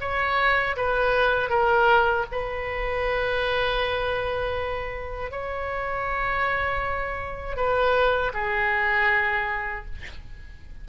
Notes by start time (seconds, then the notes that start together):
0.00 C#5
0.76 B4
1.49 A#4
2.31 B4
5.31 C#5
7.56 B4
8.34 G#4